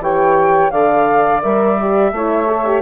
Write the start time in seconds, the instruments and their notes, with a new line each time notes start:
0.00 bassoon E3, horn G4, saxophone C#5, flute G5
0.71 bassoon D3, horn A4, saxophone D5, flute F5
1.43 bassoon G3, horn A#4, flute E5
1.80 horn G4
2.12 bassoon A3, horn E4, saxophone C#5
2.48 horn A4
2.66 horn G4